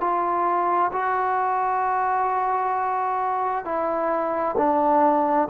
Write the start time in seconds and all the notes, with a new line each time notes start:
0.00 F4
0.92 F#4
3.64 E4
4.57 D4